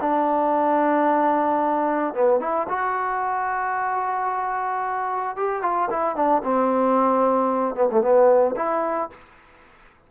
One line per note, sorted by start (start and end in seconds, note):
0.00 2.14 D4
2.14 2.40 B3
2.40 2.67 E4
2.68 5.36 F#4
5.36 5.62 G4
5.62 5.88 F4
5.90 6.15 E4
6.15 6.42 D4
6.43 7.75 C4
7.75 7.88 B3
7.91 8.01 A3
8.01 8.54 B3
8.56 9.09 E4